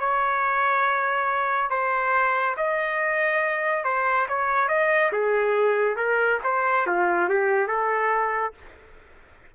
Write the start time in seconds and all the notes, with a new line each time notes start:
0.00 C#5
1.70 C5
2.57 D#5
3.84 C5
4.29 C#5
4.68 D#5
5.12 G#4
5.96 A#4
6.44 C5
6.86 F4
7.29 G4
7.68 A4